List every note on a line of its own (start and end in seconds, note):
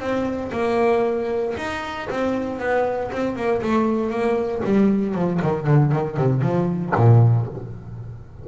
0.00 0.51 C4
0.52 1.55 A#3
1.57 2.09 D#4
2.10 2.59 C4
2.59 3.11 B3
3.12 3.36 C4
3.36 3.62 A#3
3.62 4.10 A3
4.10 4.62 A#3
4.64 5.15 G3
5.15 5.41 F3
5.42 5.67 D#3
5.67 5.92 D3
5.92 6.17 D#3
6.17 6.41 C3
6.41 6.93 F3
6.96 7.47 A#2